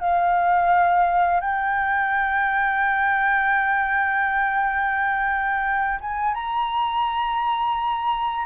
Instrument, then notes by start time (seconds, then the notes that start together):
flute
0.00 F5
1.41 G5
6.01 G#5
6.34 A#5